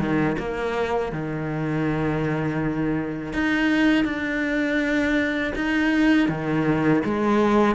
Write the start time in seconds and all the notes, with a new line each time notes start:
0.00 D#3
0.39 A#3
1.13 D#3
3.33 D#4
4.05 D4
5.56 D#4
6.29 D#3
7.05 G#3